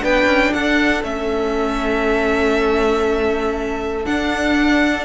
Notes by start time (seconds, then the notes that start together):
0.00 B3 D4 B4 G5
0.26 C#4
0.53 D4 A4 F#5
1.02 A3 C#4 E5
4.05 D4 F#5